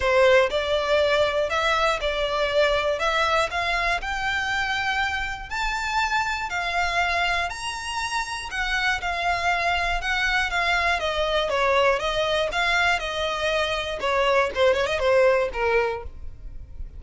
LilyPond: \new Staff \with { instrumentName = "violin" } { \time 4/4 \tempo 4 = 120 c''4 d''2 e''4 | d''2 e''4 f''4 | g''2. a''4~ | a''4 f''2 ais''4~ |
ais''4 fis''4 f''2 | fis''4 f''4 dis''4 cis''4 | dis''4 f''4 dis''2 | cis''4 c''8 cis''16 dis''16 c''4 ais'4 | }